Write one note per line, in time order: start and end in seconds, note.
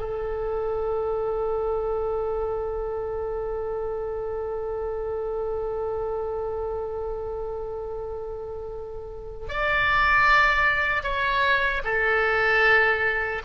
0.00 9.47 A4
9.49 11.03 D5
11.03 11.82 C#5
11.84 13.42 A4